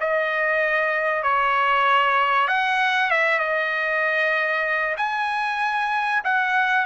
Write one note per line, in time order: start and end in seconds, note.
0.00 1.23 D#5
1.23 2.48 C#5
2.48 3.10 F#5
3.11 3.39 E5
3.39 4.95 D#5
4.97 6.22 G#5
6.24 6.86 F#5